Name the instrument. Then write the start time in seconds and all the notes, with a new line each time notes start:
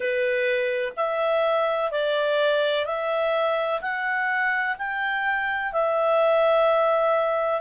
clarinet
0.00 B4
0.96 E5
1.91 D5
2.85 E5
3.81 F#5
4.77 G5
5.72 E5